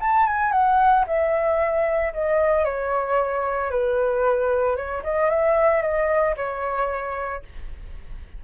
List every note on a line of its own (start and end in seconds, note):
0.00 0.27 A5
0.27 0.52 G#5
0.52 1.05 F#5
1.07 2.13 E5
2.13 2.65 D#5
2.65 3.70 C#5
3.70 4.76 B4
4.76 5.03 C#5
5.03 5.30 D#5
5.30 5.82 E5
5.82 6.35 D#5
6.36 7.43 C#5